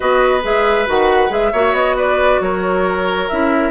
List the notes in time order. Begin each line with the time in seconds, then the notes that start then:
0.00 B3 F#4 B4 D#5
0.42 G#3 G#4 E5
0.86 D#3 F#4 F#5
1.29 G#3 G#4 E5
1.52 A#3 F#4 C#5
1.73 B3 D#5
1.96 B4 D5
2.40 F#3 A#4 C#5
3.29 C#4 E4 E5